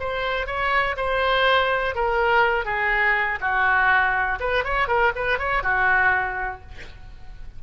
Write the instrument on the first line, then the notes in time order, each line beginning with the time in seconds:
oboe
0.00 C5
0.47 C#5
0.97 C5
1.95 A#4
2.65 G#4
3.41 F#4
4.40 B4
4.64 C#5
4.88 A#4
5.15 B4
5.39 C#5
5.63 F#4